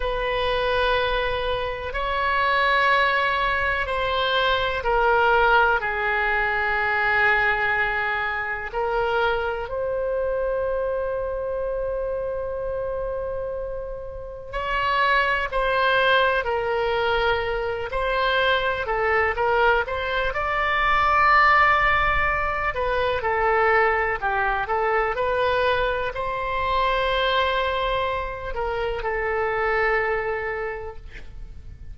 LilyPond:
\new Staff \with { instrumentName = "oboe" } { \time 4/4 \tempo 4 = 62 b'2 cis''2 | c''4 ais'4 gis'2~ | gis'4 ais'4 c''2~ | c''2. cis''4 |
c''4 ais'4. c''4 a'8 | ais'8 c''8 d''2~ d''8 b'8 | a'4 g'8 a'8 b'4 c''4~ | c''4. ais'8 a'2 | }